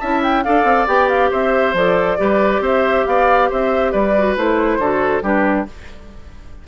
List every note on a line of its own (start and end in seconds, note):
0.00 0.46 C#4
0.00 0.45 E4
0.00 0.44 E5
0.00 0.22 A5
0.23 0.44 G5
0.44 0.64 D4
0.44 0.88 A4
0.44 1.31 D5
0.44 0.87 F5
0.64 0.86 C4
0.88 1.31 B3
0.88 1.75 G4
0.88 1.09 G5
1.09 1.31 F5
1.31 1.74 C4
1.31 2.18 C5
1.31 1.76 E5
1.74 2.17 F3
1.74 2.18 A4
1.74 2.64 D5
2.18 2.61 G3
2.18 4.14 G4
2.18 2.62 B4
2.61 3.04 C4
2.61 3.06 C5
2.61 3.07 E5
3.07 3.51 B3
3.07 3.50 D5
3.07 3.51 F5
3.50 3.94 C4
3.50 3.92 C5
3.50 3.92 E5
3.92 4.37 G3
3.92 4.79 B4
3.92 4.36 D5
4.18 4.37 F#4
4.37 4.79 A3
4.37 4.81 E4
4.37 5.24 C5
4.79 5.22 D3
4.79 5.23 F#4
4.79 5.23 A4
5.23 5.66 G3
5.23 5.66 D4
5.23 5.67 G4
5.23 5.68 B4